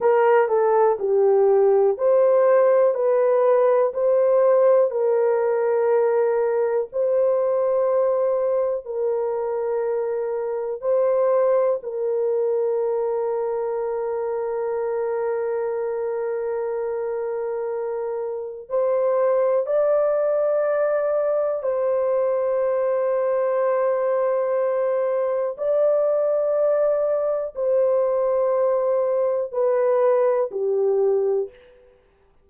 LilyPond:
\new Staff \with { instrumentName = "horn" } { \time 4/4 \tempo 4 = 61 ais'8 a'8 g'4 c''4 b'4 | c''4 ais'2 c''4~ | c''4 ais'2 c''4 | ais'1~ |
ais'2. c''4 | d''2 c''2~ | c''2 d''2 | c''2 b'4 g'4 | }